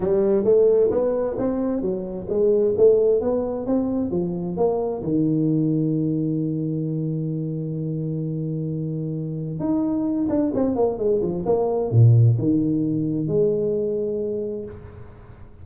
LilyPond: \new Staff \with { instrumentName = "tuba" } { \time 4/4 \tempo 4 = 131 g4 a4 b4 c'4 | fis4 gis4 a4 b4 | c'4 f4 ais4 dis4~ | dis1~ |
dis1~ | dis4 dis'4. d'8 c'8 ais8 | gis8 f8 ais4 ais,4 dis4~ | dis4 gis2. | }